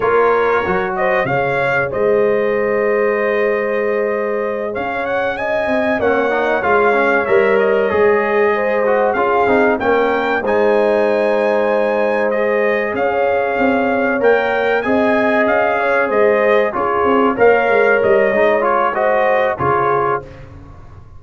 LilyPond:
<<
  \new Staff \with { instrumentName = "trumpet" } { \time 4/4 \tempo 4 = 95 cis''4. dis''8 f''4 dis''4~ | dis''2.~ dis''8 f''8 | fis''8 gis''4 fis''4 f''4 e''8 | dis''2~ dis''8 f''4 g''8~ |
g''8 gis''2. dis''8~ | dis''8 f''2 g''4 gis''8~ | gis''8 f''4 dis''4 cis''4 f''8~ | f''8 dis''4 cis''8 dis''4 cis''4 | }
  \new Staff \with { instrumentName = "horn" } { \time 4/4 ais'4. c''8 cis''4 c''4~ | c''2.~ c''8 cis''8~ | cis''8 dis''4 cis''2~ cis''8~ | cis''4. c''4 gis'4 ais'8~ |
ais'8 c''2.~ c''8~ | c''8 cis''2. dis''8~ | dis''4 cis''8 c''4 gis'4 cis''8~ | cis''2 c''4 gis'4 | }
  \new Staff \with { instrumentName = "trombone" } { \time 4/4 f'4 fis'4 gis'2~ | gis'1~ | gis'4. cis'8 dis'8 f'8 cis'8 ais'8~ | ais'8 gis'4. fis'8 f'8 dis'8 cis'8~ |
cis'8 dis'2. gis'8~ | gis'2~ gis'8 ais'4 gis'8~ | gis'2~ gis'8 f'4 ais'8~ | ais'4 dis'8 f'8 fis'4 f'4 | }
  \new Staff \with { instrumentName = "tuba" } { \time 4/4 ais4 fis4 cis4 gis4~ | gis2.~ gis8 cis'8~ | cis'4 c'8 ais4 gis4 g8~ | g8 gis2 cis'8 c'8 ais8~ |
ais8 gis2.~ gis8~ | gis8 cis'4 c'4 ais4 c'8~ | c'8 cis'4 gis4 cis'8 c'8 ais8 | gis8 g8 gis2 cis4 | }
>>